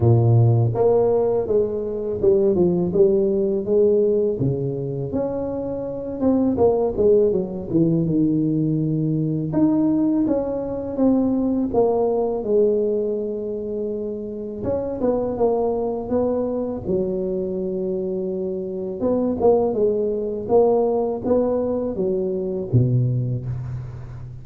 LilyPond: \new Staff \with { instrumentName = "tuba" } { \time 4/4 \tempo 4 = 82 ais,4 ais4 gis4 g8 f8 | g4 gis4 cis4 cis'4~ | cis'8 c'8 ais8 gis8 fis8 e8 dis4~ | dis4 dis'4 cis'4 c'4 |
ais4 gis2. | cis'8 b8 ais4 b4 fis4~ | fis2 b8 ais8 gis4 | ais4 b4 fis4 b,4 | }